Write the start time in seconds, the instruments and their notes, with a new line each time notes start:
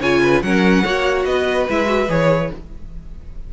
0.00 cello C#3, viola F4, violin C#5 G#5
0.23 violin B4
0.43 cello F#3, viola C#4, violin A#4 F#5
0.84 cello A#3, viola F#4, violin C#5
1.25 cello B3, violin B4 D#5
1.70 cello G#3, viola E4, violin E5
1.86 viola F#4
2.09 cello E3, viola G#4, violin C#5